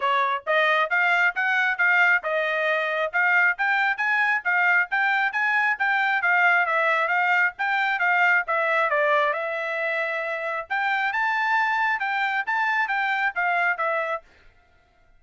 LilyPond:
\new Staff \with { instrumentName = "trumpet" } { \time 4/4 \tempo 4 = 135 cis''4 dis''4 f''4 fis''4 | f''4 dis''2 f''4 | g''4 gis''4 f''4 g''4 | gis''4 g''4 f''4 e''4 |
f''4 g''4 f''4 e''4 | d''4 e''2. | g''4 a''2 g''4 | a''4 g''4 f''4 e''4 | }